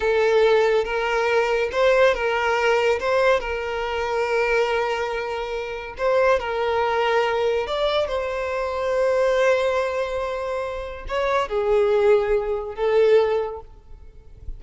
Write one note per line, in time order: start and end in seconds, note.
0.00 0.84 A4
0.84 1.69 A#4
1.72 2.14 C5
2.14 2.99 A#4
2.99 3.40 C5
3.40 5.95 A#4
5.97 6.39 C5
6.39 7.66 A#4
7.66 8.07 D5
8.07 11.05 C5
11.08 11.48 C#5
11.48 12.75 G#4
12.75 13.60 A4